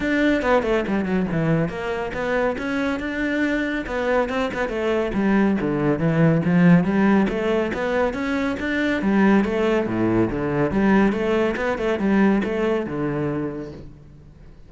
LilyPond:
\new Staff \with { instrumentName = "cello" } { \time 4/4 \tempo 4 = 140 d'4 b8 a8 g8 fis8 e4 | ais4 b4 cis'4 d'4~ | d'4 b4 c'8 b8 a4 | g4 d4 e4 f4 |
g4 a4 b4 cis'4 | d'4 g4 a4 a,4 | d4 g4 a4 b8 a8 | g4 a4 d2 | }